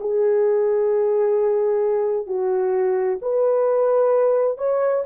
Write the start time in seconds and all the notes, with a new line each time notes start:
0.00 G#4
2.26 F#4
3.21 B4
4.57 C#5